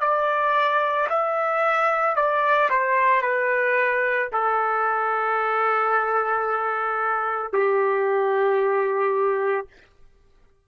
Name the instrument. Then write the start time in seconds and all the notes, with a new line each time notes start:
trumpet
0.00 D5
1.09 E5
2.16 D5
2.69 C5
3.22 B4
4.32 A4
7.52 G4